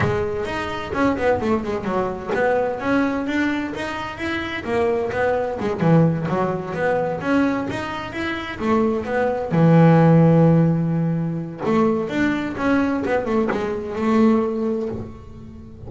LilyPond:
\new Staff \with { instrumentName = "double bass" } { \time 4/4 \tempo 4 = 129 gis4 dis'4 cis'8 b8 a8 gis8 | fis4 b4 cis'4 d'4 | dis'4 e'4 ais4 b4 | gis8 e4 fis4 b4 cis'8~ |
cis'8 dis'4 e'4 a4 b8~ | b8 e2.~ e8~ | e4 a4 d'4 cis'4 | b8 a8 gis4 a2 | }